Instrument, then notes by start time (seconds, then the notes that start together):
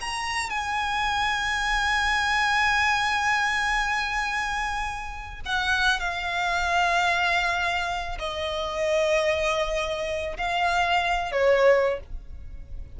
violin
0.00 A#5
0.49 G#5
5.45 F#5
6.00 F5
8.19 D#5
10.37 F5
11.32 C#5